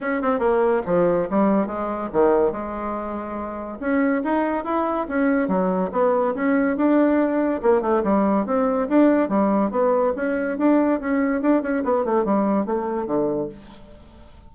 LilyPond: \new Staff \with { instrumentName = "bassoon" } { \time 4/4 \tempo 4 = 142 cis'8 c'8 ais4 f4 g4 | gis4 dis4 gis2~ | gis4 cis'4 dis'4 e'4 | cis'4 fis4 b4 cis'4 |
d'2 ais8 a8 g4 | c'4 d'4 g4 b4 | cis'4 d'4 cis'4 d'8 cis'8 | b8 a8 g4 a4 d4 | }